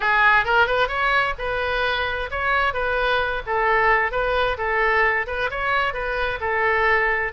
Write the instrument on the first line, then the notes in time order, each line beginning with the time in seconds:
oboe
0.00 G#4
0.45 A#4
0.66 B4
0.88 C#5
1.38 B4
2.30 C#5
2.73 B4
3.46 A4
4.11 B4
4.57 A4
5.27 B4
5.50 C#5
5.93 B4
6.40 A4